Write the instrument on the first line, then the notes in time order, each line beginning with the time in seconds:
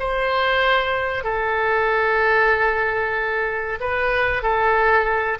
oboe
0.00 C5
1.24 A4
3.81 B4
4.43 A4